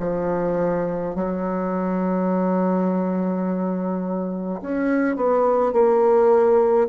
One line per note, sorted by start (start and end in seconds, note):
0.00 1.15 F3
1.15 4.62 F#3
4.62 5.17 C#4
5.17 5.73 B3
5.73 6.88 A#3